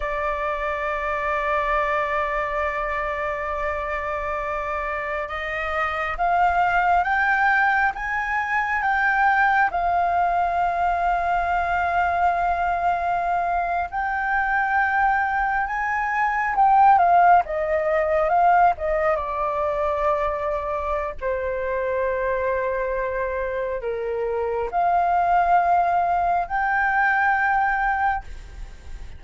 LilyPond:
\new Staff \with { instrumentName = "flute" } { \time 4/4 \tempo 4 = 68 d''1~ | d''2 dis''4 f''4 | g''4 gis''4 g''4 f''4~ | f''2.~ f''8. g''16~ |
g''4.~ g''16 gis''4 g''8 f''8 dis''16~ | dis''8. f''8 dis''8 d''2~ d''16 | c''2. ais'4 | f''2 g''2 | }